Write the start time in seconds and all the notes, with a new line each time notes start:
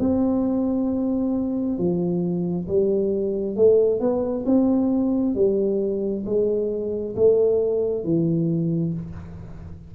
0.00 C4
1.78 F3
2.68 G3
3.56 A3
4.00 B3
4.46 C4
5.35 G3
6.26 G#3
7.16 A3
8.04 E3